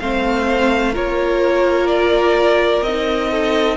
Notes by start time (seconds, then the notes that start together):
0.00 A3 C4 C5 F5
0.93 A#3 F4 A#4 C#5
1.88 D5
2.82 C4 D#5
2.88 D#4
3.31 A4